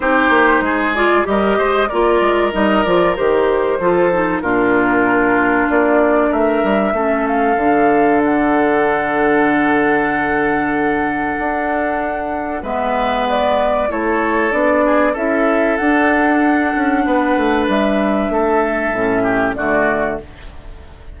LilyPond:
<<
  \new Staff \with { instrumentName = "flute" } { \time 4/4 \tempo 4 = 95 c''4. d''8 dis''4 d''4 | dis''8 d''8 c''2 ais'4~ | ais'4 d''4 e''4. f''8~ | f''4 fis''2.~ |
fis''1 | e''4 d''4 cis''4 d''4 | e''4 fis''2. | e''2. d''4 | }
  \new Staff \with { instrumentName = "oboe" } { \time 4/4 g'4 gis'4 ais'8 c''8 ais'4~ | ais'2 a'4 f'4~ | f'2 ais'4 a'4~ | a'1~ |
a'1 | b'2 a'4. gis'8 | a'2. b'4~ | b'4 a'4. g'8 fis'4 | }
  \new Staff \with { instrumentName = "clarinet" } { \time 4/4 dis'4. f'8 g'4 f'4 | dis'8 f'8 g'4 f'8 dis'8 d'4~ | d'2. cis'4 | d'1~ |
d'1 | b2 e'4 d'4 | e'4 d'2.~ | d'2 cis'4 a4 | }
  \new Staff \with { instrumentName = "bassoon" } { \time 4/4 c'8 ais8 gis4 g8 gis8 ais8 gis8 | g8 f8 dis4 f4 ais,4~ | ais,4 ais4 a8 g8 a4 | d1~ |
d2 d'2 | gis2 a4 b4 | cis'4 d'4. cis'8 b8 a8 | g4 a4 a,4 d4 | }
>>